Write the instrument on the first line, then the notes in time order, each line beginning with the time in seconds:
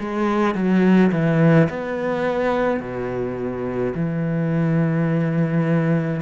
cello
0.00 G#3
0.55 F#3
1.12 E3
1.70 B3
2.80 B2
3.95 E3